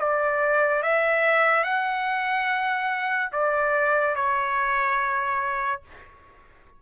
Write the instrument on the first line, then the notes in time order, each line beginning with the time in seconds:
trumpet
0.00 D5
0.83 E5
1.64 F#5
3.33 D5
4.16 C#5